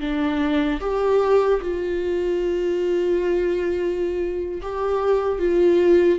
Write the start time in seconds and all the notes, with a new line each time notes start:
0.00 D4
0.80 G4
1.61 F4
4.62 G4
5.39 F4